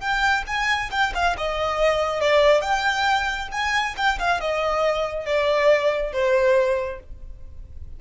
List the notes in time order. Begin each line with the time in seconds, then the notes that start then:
0.00 G5
0.47 G#5
0.91 G5
1.14 F5
1.37 D#5
2.20 D5
2.61 G5
3.51 G#5
3.96 G5
4.19 F5
4.41 D#5
5.25 D5
6.12 C5